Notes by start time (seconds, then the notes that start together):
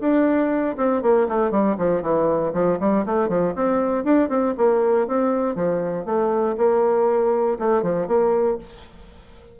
0.00 D4
0.77 C4
1.02 A#3
1.28 A3
1.51 G3
1.78 F3
2.02 E3
2.53 F3
2.79 G3
3.05 A3
3.28 F3
3.55 C4
4.04 D4
4.29 C4
4.57 A#3
5.07 C4
5.55 F3
6.05 A3
6.57 A#3
7.59 A3
7.82 F3
8.07 A#3